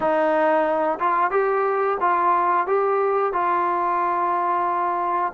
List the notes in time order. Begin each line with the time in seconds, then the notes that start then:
0.00 D#4
0.99 F4
1.30 G4
2.00 F4
2.67 G4
3.32 F4